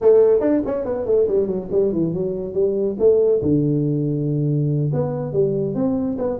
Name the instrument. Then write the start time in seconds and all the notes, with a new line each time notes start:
tuba
0.01 A3
0.40 D4
0.65 C#4
0.84 B3
1.06 A3
1.27 G3
1.46 F#3
1.71 G3
1.92 E3
2.13 F#3
2.53 G3
2.99 A3
3.42 D3
4.93 B3
5.32 G3
5.74 C4
6.18 B3